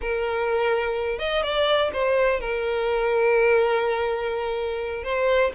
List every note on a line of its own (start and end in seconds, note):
0.01 1.18 A#4
1.18 1.42 D#5
1.42 1.90 D5
1.93 2.40 C5
2.40 5.03 A#4
5.03 5.51 C5